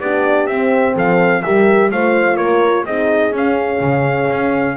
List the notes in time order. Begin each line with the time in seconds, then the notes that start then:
0.00 B3 D4 G4 D5
0.47 C4 E5
0.95 F3 A4 F5
1.42 G3 G4 A#4 E5
1.91 A3 F4 C5 F5
2.37 A#3 A#4 C#5
2.85 C4 D#4 G#4 D#5
3.32 C#4 F5
3.81 C#3
4.30 C#4